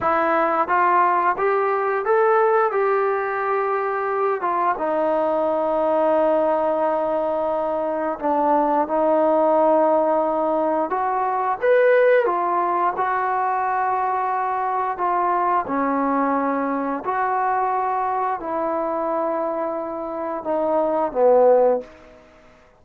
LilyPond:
\new Staff \with { instrumentName = "trombone" } { \time 4/4 \tempo 4 = 88 e'4 f'4 g'4 a'4 | g'2~ g'8 f'8 dis'4~ | dis'1 | d'4 dis'2. |
fis'4 b'4 f'4 fis'4~ | fis'2 f'4 cis'4~ | cis'4 fis'2 e'4~ | e'2 dis'4 b4 | }